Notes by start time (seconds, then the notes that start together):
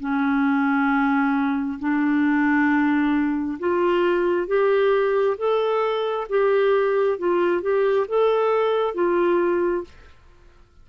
0.00 C#4
1.80 D4
3.59 F4
4.47 G4
5.38 A4
6.30 G4
7.19 F4
7.62 G4
8.08 A4
8.95 F4